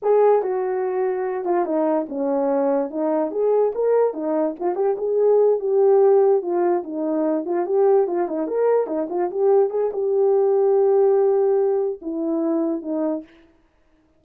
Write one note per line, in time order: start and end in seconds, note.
0.02 0.42 G#4
0.42 1.44 F#4
1.44 1.65 F4
1.65 2.06 D#4
2.08 2.90 C#4
2.90 3.31 D#4
3.31 3.72 G#4
3.74 4.13 A#4
4.13 4.54 D#4
4.59 4.75 F4
4.75 4.96 G4
4.97 5.59 G#4
5.59 6.41 G4
6.41 6.83 F4
6.83 7.45 D#4
7.45 7.66 F4
7.66 8.07 G4
8.07 8.27 F4
8.27 8.47 D#4
8.47 8.86 A#4
8.86 9.07 D#4
9.09 9.30 F4
9.30 9.70 G4
9.70 9.90 G#4
9.92 11.99 G4
12.01 12.82 E4
12.82 13.23 D#4